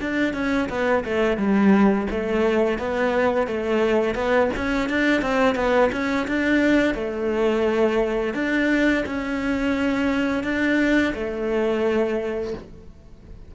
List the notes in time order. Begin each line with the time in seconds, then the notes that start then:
0.00 D4
0.33 C#4
0.69 B3
1.04 A3
1.37 G3
2.10 A3
2.78 B3
3.47 A3
4.14 B3
4.56 C#4
4.89 D4
5.21 C4
5.55 B3
5.92 C#4
6.27 D4
6.94 A3
8.34 D4
9.06 C#4
10.43 D4
11.14 A3